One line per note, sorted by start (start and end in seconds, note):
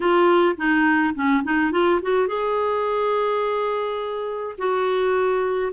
0.00 0.56 F4
0.57 1.14 D#4
1.14 1.43 C#4
1.43 1.71 D#4
1.71 2.00 F4
2.02 2.27 F#4
2.27 4.56 G#4
4.58 5.72 F#4